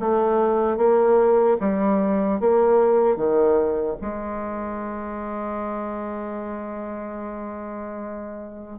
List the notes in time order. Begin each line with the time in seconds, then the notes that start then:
0.00 A3
0.77 A#3
1.60 G3
2.40 A#3
3.17 D#3
4.01 G#3